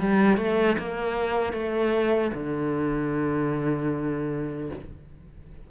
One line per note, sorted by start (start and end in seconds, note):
0.00 0.38 G3
0.38 0.77 A3
0.79 1.53 A#3
1.53 2.32 A3
2.34 4.71 D3